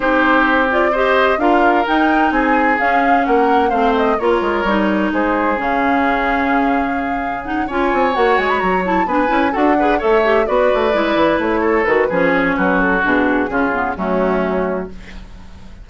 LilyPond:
<<
  \new Staff \with { instrumentName = "flute" } { \time 4/4 \tempo 4 = 129 c''4. d''8 dis''4 f''4 | g''4 gis''4 f''4 fis''4 | f''8 dis''8 cis''2 c''4 | f''1 |
fis''8 gis''4 fis''8 gis''16 b''16 ais''8 a''8 gis''8~ | gis''8 fis''4 e''4 d''4.~ | d''8 cis''4 b'4 cis''8 b'8 a'8 | gis'2 fis'2 | }
  \new Staff \with { instrumentName = "oboe" } { \time 4/4 g'2 c''4 ais'4~ | ais'4 gis'2 ais'4 | c''4 ais'2 gis'4~ | gis'1~ |
gis'8 cis''2. b'8~ | b'8 a'8 b'8 cis''4 b'4.~ | b'4 a'4 gis'4 fis'4~ | fis'4 f'4 cis'2 | }
  \new Staff \with { instrumentName = "clarinet" } { \time 4/4 dis'4. f'8 g'4 f'4 | dis'2 cis'2 | c'4 f'4 dis'2 | cis'1 |
dis'8 f'4 fis'4. e'8 d'8 | e'8 fis'8 gis'8 a'8 g'8 fis'4 e'8~ | e'4. fis'8 cis'2 | d'4 cis'8 b8 a2 | }
  \new Staff \with { instrumentName = "bassoon" } { \time 4/4 c'2. d'4 | dis'4 c'4 cis'4 ais4 | a4 ais8 gis8 g4 gis4 | cis1~ |
cis8 cis'8 c'8 ais8 gis8 fis4 b8 | cis'8 d'4 a4 b8 a8 gis8 | e8 a4 dis8 f4 fis4 | b,4 cis4 fis2 | }
>>